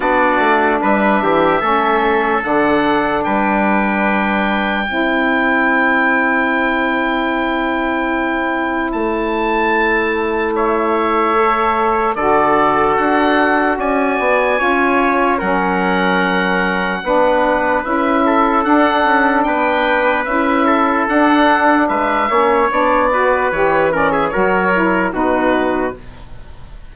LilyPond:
<<
  \new Staff \with { instrumentName = "oboe" } { \time 4/4 \tempo 4 = 74 d''4 e''2 fis''4 | g''1~ | g''2. a''4~ | a''4 e''2 d''4 |
fis''4 gis''2 fis''4~ | fis''2 e''4 fis''4 | g''4 e''4 fis''4 e''4 | d''4 cis''8 d''16 e''16 cis''4 b'4 | }
  \new Staff \with { instrumentName = "trumpet" } { \time 4/4 fis'4 b'8 g'8 a'2 | b'2 c''2~ | c''1~ | c''4 cis''2 a'4~ |
a'4 d''4 cis''4 ais'4~ | ais'4 b'4. a'4. | b'4. a'4. b'8 cis''8~ | cis''8 b'4 ais'16 gis'16 ais'4 fis'4 | }
  \new Staff \with { instrumentName = "saxophone" } { \time 4/4 d'2 cis'4 d'4~ | d'2 e'2~ | e'1~ | e'2 a'4 fis'4~ |
fis'2 f'4 cis'4~ | cis'4 d'4 e'4 d'4~ | d'4 e'4 d'4. cis'8 | d'8 fis'8 g'8 cis'8 fis'8 e'8 dis'4 | }
  \new Staff \with { instrumentName = "bassoon" } { \time 4/4 b8 a8 g8 e8 a4 d4 | g2 c'2~ | c'2. a4~ | a2. d4 |
d'4 cis'8 b8 cis'4 fis4~ | fis4 b4 cis'4 d'8 cis'8 | b4 cis'4 d'4 gis8 ais8 | b4 e4 fis4 b,4 | }
>>